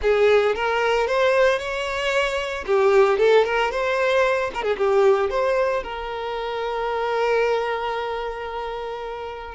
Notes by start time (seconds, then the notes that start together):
0.02 G#4
0.55 A#4
1.07 C5
1.58 C#5
2.66 G4
3.18 A4
3.44 A#4
3.71 C5
4.53 A#4
4.63 G#4
4.77 G4
5.30 C5
5.83 A#4